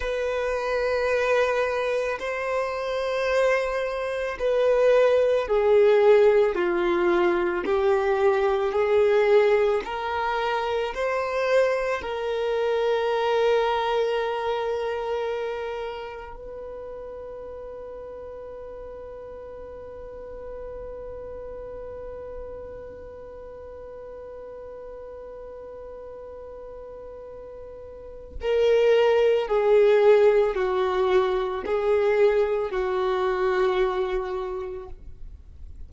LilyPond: \new Staff \with { instrumentName = "violin" } { \time 4/4 \tempo 4 = 55 b'2 c''2 | b'4 gis'4 f'4 g'4 | gis'4 ais'4 c''4 ais'4~ | ais'2. b'4~ |
b'1~ | b'1~ | b'2 ais'4 gis'4 | fis'4 gis'4 fis'2 | }